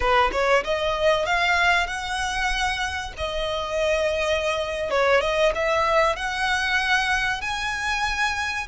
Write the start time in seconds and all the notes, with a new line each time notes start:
0.00 B4
0.32 C#5
0.64 D#5
1.25 F5
1.86 F#5
3.17 D#5
4.90 C#5
5.20 D#5
5.54 E5
6.16 F#5
7.41 G#5